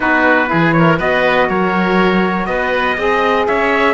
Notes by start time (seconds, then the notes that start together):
0.00 B3 D#4 F#4 B4
0.46 E4 G#4
0.52 E3
0.71 C#5
0.78 A#4
0.98 B3 F#4 B4 D#5
1.49 F#3 A#4 C#5
2.45 B3 B4 D#5
2.97 C4 G#4 D#5
3.47 C#4 C#5 E5